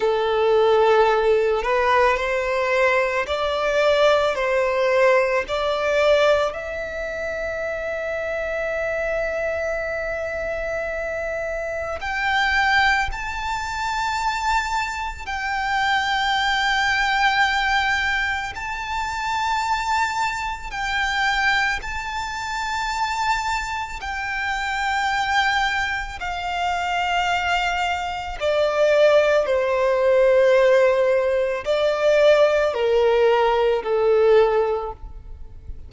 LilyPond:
\new Staff \with { instrumentName = "violin" } { \time 4/4 \tempo 4 = 55 a'4. b'8 c''4 d''4 | c''4 d''4 e''2~ | e''2. g''4 | a''2 g''2~ |
g''4 a''2 g''4 | a''2 g''2 | f''2 d''4 c''4~ | c''4 d''4 ais'4 a'4 | }